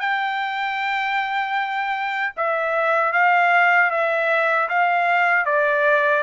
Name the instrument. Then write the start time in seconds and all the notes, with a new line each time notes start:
trumpet
0.00 G5
2.36 E5
3.12 F5
3.90 E5
4.69 F5
5.45 D5